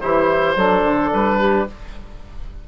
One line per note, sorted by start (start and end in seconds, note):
0.00 0.56 E3
0.00 0.57 E4
0.00 0.57 G4
0.00 1.10 C5
0.56 0.83 F#3
0.56 1.68 D4
0.56 1.39 A4
0.84 1.11 D3
1.13 1.68 G3
1.13 1.68 B4
1.39 1.66 G4